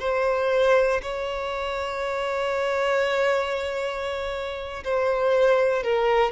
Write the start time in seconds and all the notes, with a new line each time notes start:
0.00 C5
1.03 C#5
4.84 C5
5.84 A#4